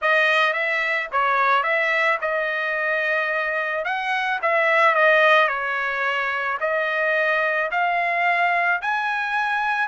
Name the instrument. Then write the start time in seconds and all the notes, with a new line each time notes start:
trumpet
0.01 D#5
0.53 E5
1.12 C#5
1.63 E5
2.21 D#5
3.84 F#5
4.42 E5
4.94 D#5
5.47 C#5
6.60 D#5
7.71 F5
8.81 G#5